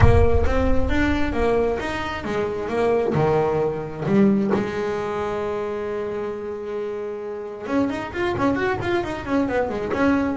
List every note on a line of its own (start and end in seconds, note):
0.00 0.44 A#3
0.46 0.89 C4
0.89 1.32 D4
1.32 1.78 A#3
1.79 2.24 D#4
2.24 2.68 G#3
2.68 3.13 A#3
3.14 4.04 D#3
4.05 4.50 G3
4.53 7.67 G#3
7.67 7.89 C#4
7.89 8.12 D#4
8.12 8.35 F4
8.37 8.55 C#4
8.55 8.77 F#4
8.81 9.03 F4
9.03 9.25 D#4
9.25 9.48 C#4
9.48 9.69 B3
9.69 9.92 G#3
9.92 10.36 C#4